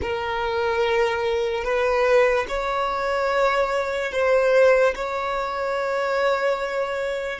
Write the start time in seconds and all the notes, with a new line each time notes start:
0.01 A#4
1.64 B4
2.48 C#5
4.12 C5
4.95 C#5